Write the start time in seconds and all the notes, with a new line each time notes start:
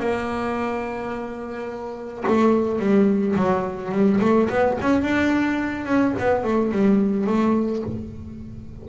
0.00 A#3
2.28 A3
2.80 G3
3.37 F#3
3.92 G3
4.21 A3
4.50 B3
4.81 C#4
5.02 D4
5.86 C#4
6.19 B3
6.44 A3
6.72 G3
7.27 A3